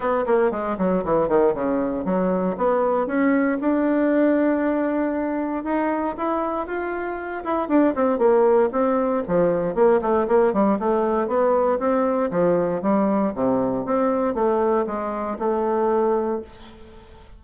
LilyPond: \new Staff \with { instrumentName = "bassoon" } { \time 4/4 \tempo 4 = 117 b8 ais8 gis8 fis8 e8 dis8 cis4 | fis4 b4 cis'4 d'4~ | d'2. dis'4 | e'4 f'4. e'8 d'8 c'8 |
ais4 c'4 f4 ais8 a8 | ais8 g8 a4 b4 c'4 | f4 g4 c4 c'4 | a4 gis4 a2 | }